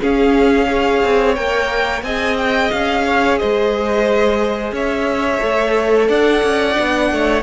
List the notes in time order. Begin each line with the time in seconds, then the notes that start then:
0.00 C#4 G#4 F5
0.67 G#4 C#5
1.04 C4
1.34 A#3 A#4 G5
2.02 C4 G#4 D#5 G#5
2.37 G5
2.71 C#4 F5
3.06 C#5
3.38 G#3 C5 D#5
4.72 C#4 C#5 E5
5.40 A3 A4
6.08 D4 D5 F#5
6.43 C#4
6.74 B3 D4
7.12 A3 C#5